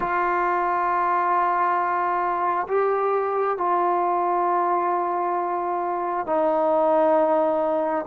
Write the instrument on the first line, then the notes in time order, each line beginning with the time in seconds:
trombone
0.00 F4
2.67 G4
3.57 F4
6.26 D#4